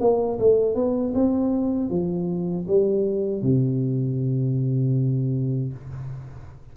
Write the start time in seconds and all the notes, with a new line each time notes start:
0.00 A#3
0.39 A3
0.75 B3
1.14 C4
1.90 F3
2.67 G3
3.42 C3